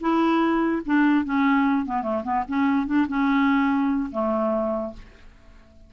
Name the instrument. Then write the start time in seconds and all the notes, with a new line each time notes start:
clarinet
0.00 E4
0.85 D4
1.24 C#4
1.85 B3
2.02 A3
2.23 B3
2.48 C#4
2.86 D4
3.08 C#4
4.11 A3